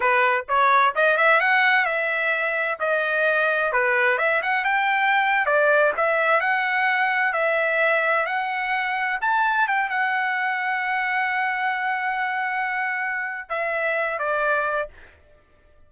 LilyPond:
\new Staff \with { instrumentName = "trumpet" } { \time 4/4 \tempo 4 = 129 b'4 cis''4 dis''8 e''8 fis''4 | e''2 dis''2 | b'4 e''8 fis''8 g''4.~ g''16 d''16~ | d''8. e''4 fis''2 e''16~ |
e''4.~ e''16 fis''2 a''16~ | a''8. g''8 fis''2~ fis''8.~ | fis''1~ | fis''4 e''4. d''4. | }